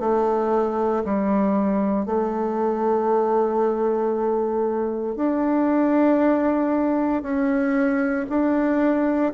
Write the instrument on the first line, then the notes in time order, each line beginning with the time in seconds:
bassoon
0.00 A3
1.05 G3
2.05 A3
5.16 D4
7.22 C#4
8.29 D4